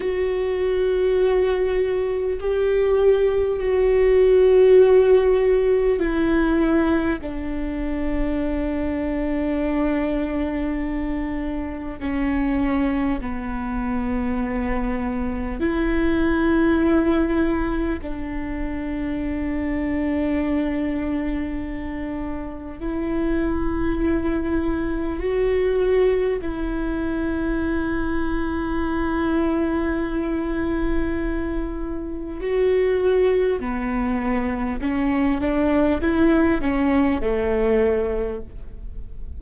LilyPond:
\new Staff \with { instrumentName = "viola" } { \time 4/4 \tempo 4 = 50 fis'2 g'4 fis'4~ | fis'4 e'4 d'2~ | d'2 cis'4 b4~ | b4 e'2 d'4~ |
d'2. e'4~ | e'4 fis'4 e'2~ | e'2. fis'4 | b4 cis'8 d'8 e'8 cis'8 a4 | }